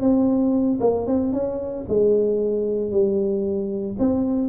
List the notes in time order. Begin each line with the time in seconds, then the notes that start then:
0.00 C4
0.80 A#3
1.06 C4
1.33 C#4
1.88 G#3
2.91 G3
3.99 C4